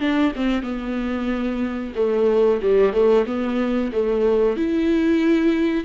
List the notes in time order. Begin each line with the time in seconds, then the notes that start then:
0.00 D4
0.36 C4
0.63 B3
1.95 A3
2.62 G3
2.93 A3
3.27 B3
3.92 A3
4.57 E4